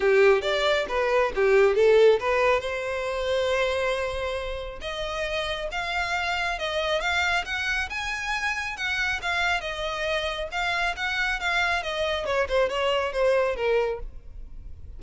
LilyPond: \new Staff \with { instrumentName = "violin" } { \time 4/4 \tempo 4 = 137 g'4 d''4 b'4 g'4 | a'4 b'4 c''2~ | c''2. dis''4~ | dis''4 f''2 dis''4 |
f''4 fis''4 gis''2 | fis''4 f''4 dis''2 | f''4 fis''4 f''4 dis''4 | cis''8 c''8 cis''4 c''4 ais'4 | }